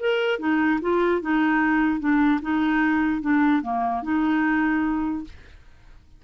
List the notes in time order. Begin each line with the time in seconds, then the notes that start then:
0.00 A#4
0.39 D#4
0.81 F4
1.22 D#4
2.00 D4
2.42 D#4
3.22 D4
3.62 A#3
4.03 D#4